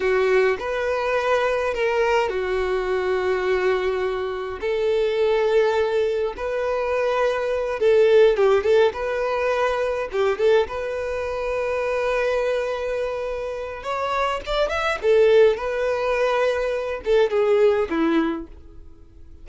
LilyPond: \new Staff \with { instrumentName = "violin" } { \time 4/4 \tempo 4 = 104 fis'4 b'2 ais'4 | fis'1 | a'2. b'4~ | b'4. a'4 g'8 a'8 b'8~ |
b'4. g'8 a'8 b'4.~ | b'1 | cis''4 d''8 e''8 a'4 b'4~ | b'4. a'8 gis'4 e'4 | }